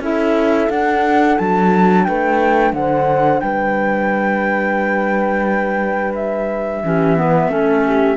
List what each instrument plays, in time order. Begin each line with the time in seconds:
0.00 cello C#4, clarinet E4, horn A4, flute E5
0.70 cello D4, clarinet D4, flute F#5
1.38 cello F#3, flute A5
2.05 cello A3, horn B4, flute G5
2.73 cello D3, horn C5, flute F#5
3.40 cello G3, horn B4, flute G5
6.15 flute E5
6.83 cello E3, clarinet C#4, horn G4
7.17 clarinet B3, horn B4
7.48 cello A3, clarinet C#4, horn A4
7.86 horn G4